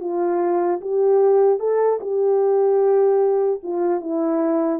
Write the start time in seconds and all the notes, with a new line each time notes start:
0.00 F4
0.81 G4
1.59 A4
2.01 G4
3.63 F4
4.01 E4